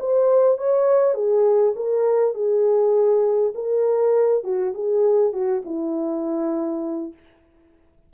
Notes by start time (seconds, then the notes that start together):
0.00 C5
0.58 C#5
1.14 G#4
1.76 A#4
2.35 G#4
3.55 A#4
4.44 F#4
4.75 G#4
5.33 F#4
5.65 E4